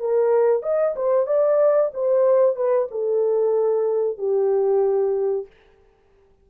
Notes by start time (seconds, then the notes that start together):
0.00 A#4
0.63 D#5
0.96 C5
1.27 D5
1.94 C5
2.56 B4
2.91 A4
4.18 G4